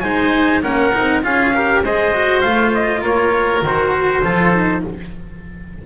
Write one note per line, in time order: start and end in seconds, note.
0.00 0.64 G#3
0.00 0.63 D#4
0.00 0.63 C5
0.00 0.60 G#5
0.63 0.94 A#3
0.63 0.93 C#4
0.63 1.23 A#4
0.63 1.23 F#5
0.94 1.24 C4
0.94 1.23 D#4
1.23 1.84 C#4
1.23 1.53 F4
1.23 1.54 G#4
1.23 1.84 F5
1.54 1.84 G4
1.54 1.84 A#4
1.84 2.44 G#3
1.84 2.14 G#4
1.84 3.01 C5
1.84 2.41 D#5
2.14 2.44 F#4
2.41 3.01 A3
2.41 3.64 F4
2.41 2.71 F5
2.74 3.04 D#5
3.01 3.61 A#3
3.01 4.21 A#4
3.01 3.65 C#5
3.62 4.22 D#3
3.62 4.23 F#4
3.62 4.86 C5
4.23 4.84 F3
4.23 4.53 F4
4.23 4.83 A4
4.53 4.83 D#4